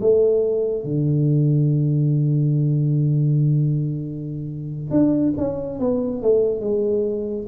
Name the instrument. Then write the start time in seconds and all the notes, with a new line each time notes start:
tuba
0.00 A3
0.83 D3
4.91 D4
5.37 C#4
5.79 B3
6.22 A3
6.60 G#3